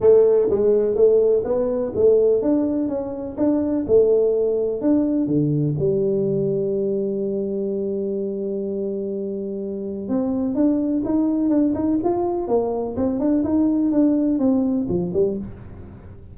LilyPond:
\new Staff \with { instrumentName = "tuba" } { \time 4/4 \tempo 4 = 125 a4 gis4 a4 b4 | a4 d'4 cis'4 d'4 | a2 d'4 d4 | g1~ |
g1~ | g4 c'4 d'4 dis'4 | d'8 dis'8 f'4 ais4 c'8 d'8 | dis'4 d'4 c'4 f8 g8 | }